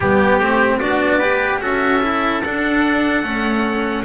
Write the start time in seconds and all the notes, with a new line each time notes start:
0.00 G3 B3 G4
0.39 A3 C4
0.78 B3 D4 F#4 D5
1.18 G4 B4
1.61 C#4 F#4 A4 E5
2.02 E4
2.42 D4 F#5
3.23 A3 C#4